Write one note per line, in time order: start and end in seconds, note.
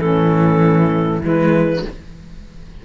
0.00 1.21 A2
0.00 1.23 E3
0.00 1.21 C#4
0.00 1.21 A4
1.21 1.82 E3
1.21 1.85 G#3
1.21 1.82 E4
1.21 1.85 B4